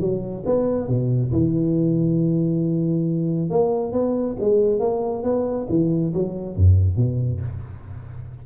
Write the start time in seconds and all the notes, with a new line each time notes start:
0.00 F#3
0.45 B3
0.87 B2
1.32 E3
3.50 A#3
3.92 B3
4.40 G#3
4.79 A#3
5.23 B3
5.69 E3
6.14 F#3
6.56 F#2
6.96 B2